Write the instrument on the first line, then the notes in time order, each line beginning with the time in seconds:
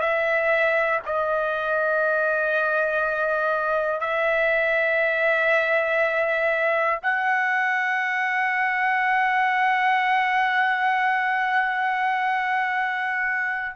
trumpet
0.00 E5
1.05 D#5
4.00 E5
7.02 F#5